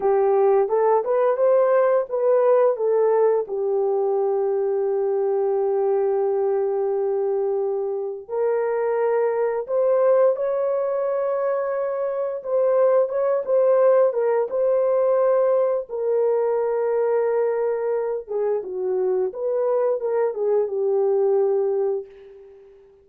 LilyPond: \new Staff \with { instrumentName = "horn" } { \time 4/4 \tempo 4 = 87 g'4 a'8 b'8 c''4 b'4 | a'4 g'2.~ | g'1 | ais'2 c''4 cis''4~ |
cis''2 c''4 cis''8 c''8~ | c''8 ais'8 c''2 ais'4~ | ais'2~ ais'8 gis'8 fis'4 | b'4 ais'8 gis'8 g'2 | }